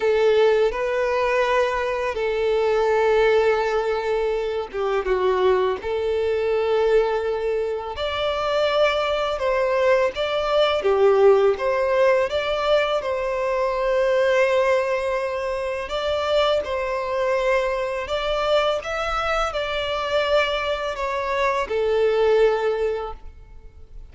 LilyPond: \new Staff \with { instrumentName = "violin" } { \time 4/4 \tempo 4 = 83 a'4 b'2 a'4~ | a'2~ a'8 g'8 fis'4 | a'2. d''4~ | d''4 c''4 d''4 g'4 |
c''4 d''4 c''2~ | c''2 d''4 c''4~ | c''4 d''4 e''4 d''4~ | d''4 cis''4 a'2 | }